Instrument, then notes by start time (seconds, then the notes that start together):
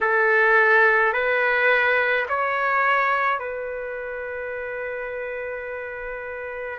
trumpet
0.01 A4
1.13 B4
2.28 C#5
3.39 B4